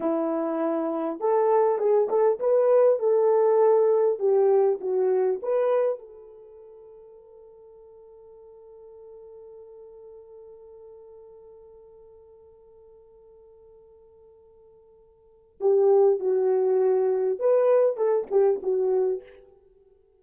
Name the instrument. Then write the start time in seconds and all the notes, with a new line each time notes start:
horn
0.00 E4
1.20 A4
1.78 G#4
2.09 A4
2.39 B4
2.99 A4
4.19 G4
4.80 F#4
5.42 B4
5.98 A4
15.60 G4
16.19 F#4
17.39 B4
17.96 A4
18.30 G4
18.62 F#4